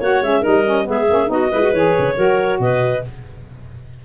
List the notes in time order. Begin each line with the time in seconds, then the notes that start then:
0.00 A#3 F#4 C#5 F#5
0.22 G#3 C#4 E5
0.41 D#4 A#4 D#5
0.47 G3
0.65 C#4
0.85 G#3 B3 G#4 E5
1.10 A#3 C#4
1.27 B3 D#4 F#4 D#5
1.51 G#3 E4 B4
1.62 F#4
1.73 E3 G#4 C#5
1.99 C#3
2.16 F#3 F#4 A#4
2.59 B2 B4 D#5